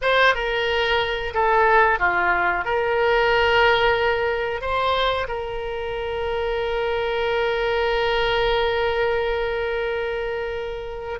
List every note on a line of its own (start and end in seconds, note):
0.01 0.34 C5
0.34 1.33 A#4
1.34 1.99 A4
1.99 2.64 F4
2.64 4.61 A#4
4.61 5.27 C5
5.28 11.19 A#4